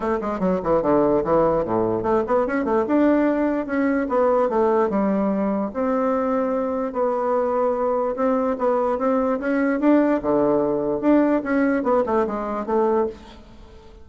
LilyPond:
\new Staff \with { instrumentName = "bassoon" } { \time 4/4 \tempo 4 = 147 a8 gis8 fis8 e8 d4 e4 | a,4 a8 b8 cis'8 a8 d'4~ | d'4 cis'4 b4 a4 | g2 c'2~ |
c'4 b2. | c'4 b4 c'4 cis'4 | d'4 d2 d'4 | cis'4 b8 a8 gis4 a4 | }